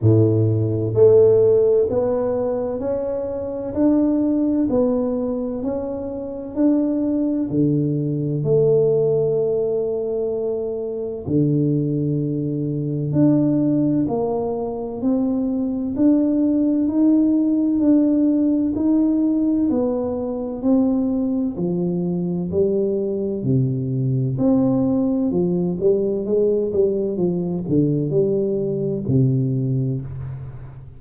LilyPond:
\new Staff \with { instrumentName = "tuba" } { \time 4/4 \tempo 4 = 64 a,4 a4 b4 cis'4 | d'4 b4 cis'4 d'4 | d4 a2. | d2 d'4 ais4 |
c'4 d'4 dis'4 d'4 | dis'4 b4 c'4 f4 | g4 c4 c'4 f8 g8 | gis8 g8 f8 d8 g4 c4 | }